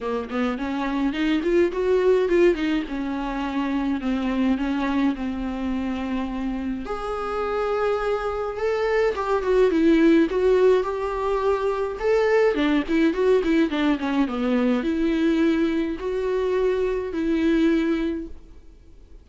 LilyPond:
\new Staff \with { instrumentName = "viola" } { \time 4/4 \tempo 4 = 105 ais8 b8 cis'4 dis'8 f'8 fis'4 | f'8 dis'8 cis'2 c'4 | cis'4 c'2. | gis'2. a'4 |
g'8 fis'8 e'4 fis'4 g'4~ | g'4 a'4 d'8 e'8 fis'8 e'8 | d'8 cis'8 b4 e'2 | fis'2 e'2 | }